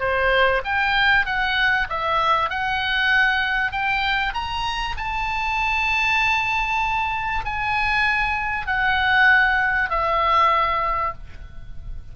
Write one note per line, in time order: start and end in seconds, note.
0.00 0.62 C5
0.65 1.26 G5
1.26 1.88 F#5
1.90 2.50 E5
2.50 3.72 F#5
3.72 4.34 G5
4.34 4.96 A#5
4.97 7.45 A5
7.45 8.67 G#5
8.67 9.90 F#5
9.90 11.13 E5